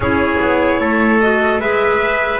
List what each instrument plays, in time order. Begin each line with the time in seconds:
0.00 double bass C#4, clarinet E4, trumpet G#4, violin C#5
0.40 double bass B3
0.80 double bass A3, trumpet A4
1.20 clarinet F#4, violin D#5
1.59 double bass G#3, clarinet G#4, trumpet B4, violin E5